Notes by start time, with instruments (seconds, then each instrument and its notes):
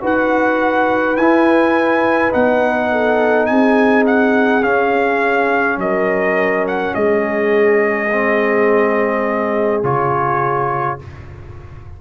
0.00 tuba D#4, trombone F#4, horn B4, trumpet F#5
1.16 tuba E4, trombone E4, trumpet G#5
2.31 tuba B3, trombone D#4, trumpet F#5
2.91 horn A4
3.46 tuba C4, horn G#4, trumpet G#5
4.06 trumpet F#5
4.63 trombone C#4, tuba C#4, trumpet F5
5.77 tuba F#3, horn A#4, trumpet D#5
6.67 trumpet F#5
6.94 tuba G#3, horn G#4, trumpet D#5
8.12 trombone C4
9.83 tuba C#3, trombone F4, trumpet C#5